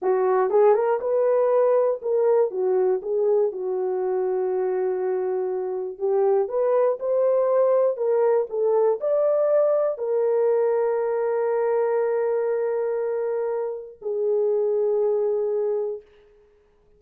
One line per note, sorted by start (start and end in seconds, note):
0.02 0.50 F#4
0.50 0.74 G#4
0.74 0.99 A#4
1.00 2.00 B4
2.02 2.50 A#4
2.50 3.00 F#4
3.02 3.52 G#4
3.52 5.98 F#4
5.98 6.48 G4
6.48 6.98 B4
6.99 7.97 C5
7.97 8.47 A#4
8.49 8.99 A4
9.00 9.98 D5
9.98 13.98 A#4
14.01 16.01 G#4